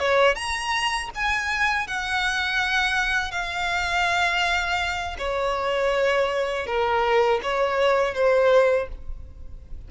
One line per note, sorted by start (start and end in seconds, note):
0.00 0.35 C#5
0.35 1.09 A#5
1.15 1.87 G#5
1.87 3.32 F#5
3.32 5.17 F5
5.19 6.66 C#5
6.66 7.40 A#4
7.43 8.14 C#5
8.14 8.89 C5